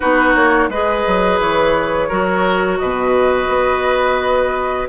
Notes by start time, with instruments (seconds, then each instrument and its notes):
0.00 bassoon B3, clarinet D#4, oboe F#4, flute B4
0.34 bassoon A#3, flute C#5
0.68 bassoon G#3, clarinet G#4, oboe B4, flute D#5
1.06 bassoon F#3
1.39 bassoon E3, flute C#5
2.08 bassoon F#3, clarinet F#4, oboe A#4
2.78 bassoon B2, oboe B4, flute D#5
3.48 bassoon B3